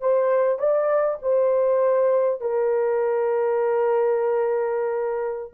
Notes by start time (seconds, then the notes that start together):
0.00 C5
0.58 D5
1.22 C5
2.41 A#4